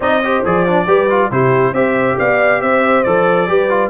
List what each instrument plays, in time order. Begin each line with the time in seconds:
0.00 tuba C4, trombone D#4, horn D5, trumpet D#5
0.21 trombone G4, horn C5
0.45 tuba F3, trombone G#4, trumpet D5
0.67 trombone D4
0.87 tuba G3, trombone G4, horn B4
1.10 trombone F4
1.30 tuba C3, trombone E4, horn G4, trumpet C5
1.71 tuba C4, trombone G4, horn C5, trumpet E5
2.18 tuba B3, horn D5, trumpet F5
2.61 tuba C4, horn C5, trumpet E5
3.03 tuba F3, trombone A4, trumpet D5
3.47 tuba G3, trombone G4, horn B4
3.69 trombone F4